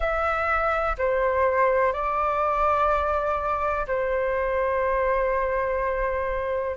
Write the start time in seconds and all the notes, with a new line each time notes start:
0.00 E5
0.98 C5
1.93 D5
3.87 C5